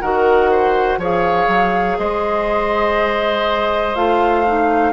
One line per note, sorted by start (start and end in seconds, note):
0.00 0.97 D#3
0.00 1.00 F#4
0.00 0.50 A#4
0.00 0.98 F#5
0.50 0.99 C5
0.97 1.46 F3
0.97 3.95 G#4
0.97 1.97 C#5
0.97 1.99 F5
1.47 1.96 F#3
1.98 3.95 G#3
1.98 4.92 C5
1.98 3.95 D#5
3.95 4.92 A3
3.95 4.44 F4
3.95 4.92 F5
4.46 4.92 D#4